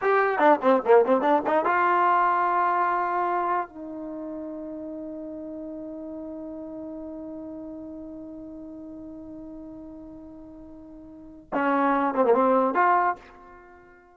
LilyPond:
\new Staff \with { instrumentName = "trombone" } { \time 4/4 \tempo 4 = 146 g'4 d'8 c'8 ais8 c'8 d'8 dis'8 | f'1~ | f'4 dis'2.~ | dis'1~ |
dis'1~ | dis'1~ | dis'1 | cis'4. c'16 ais16 c'4 f'4 | }